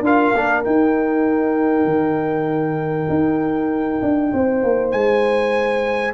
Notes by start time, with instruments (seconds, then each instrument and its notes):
0.00 tuba D4, trombone F4, horn A#4, trumpet F5
0.34 tuba A#3, trombone D4
0.63 trombone D#4, tuba D#4, trumpet G5
1.84 tuba D#3
3.09 tuba D#4
4.01 tuba D4
4.32 tuba C4, horn C5
4.63 tuba A#3
4.91 tuba G#3, trumpet G#5